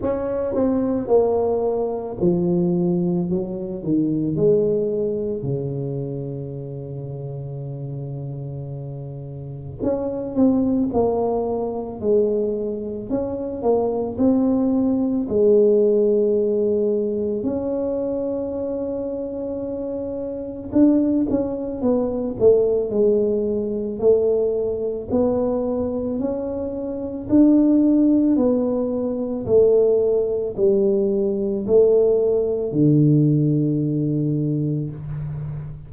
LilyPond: \new Staff \with { instrumentName = "tuba" } { \time 4/4 \tempo 4 = 55 cis'8 c'8 ais4 f4 fis8 dis8 | gis4 cis2.~ | cis4 cis'8 c'8 ais4 gis4 | cis'8 ais8 c'4 gis2 |
cis'2. d'8 cis'8 | b8 a8 gis4 a4 b4 | cis'4 d'4 b4 a4 | g4 a4 d2 | }